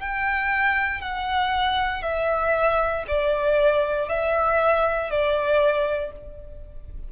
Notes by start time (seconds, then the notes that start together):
0.00 G5
1.02 F#5
2.03 E5
3.08 D5
4.09 E5
5.11 D5